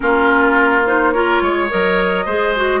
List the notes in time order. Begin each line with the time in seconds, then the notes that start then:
0.00 A#3 C#4 F4 A#4
0.85 D#4 C5
1.12 F4 A#4 C#5
1.41 G#3 C#5
1.69 F#3 A#4 D#5
2.25 G#3 G#4 C5
2.56 F#4